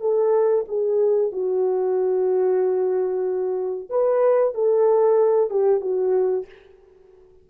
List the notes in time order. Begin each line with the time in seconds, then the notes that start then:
0.00 A4
0.68 G#4
1.32 F#4
3.89 B4
4.54 A4
5.50 G4
5.81 F#4